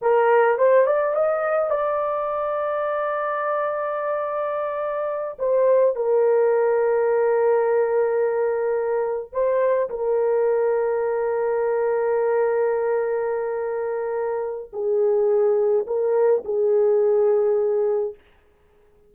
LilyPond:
\new Staff \with { instrumentName = "horn" } { \time 4/4 \tempo 4 = 106 ais'4 c''8 d''8 dis''4 d''4~ | d''1~ | d''4. c''4 ais'4.~ | ais'1~ |
ais'8 c''4 ais'2~ ais'8~ | ais'1~ | ais'2 gis'2 | ais'4 gis'2. | }